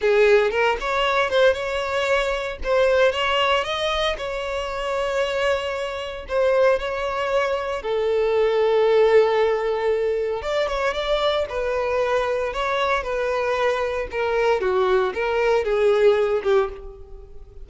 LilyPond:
\new Staff \with { instrumentName = "violin" } { \time 4/4 \tempo 4 = 115 gis'4 ais'8 cis''4 c''8 cis''4~ | cis''4 c''4 cis''4 dis''4 | cis''1 | c''4 cis''2 a'4~ |
a'1 | d''8 cis''8 d''4 b'2 | cis''4 b'2 ais'4 | fis'4 ais'4 gis'4. g'8 | }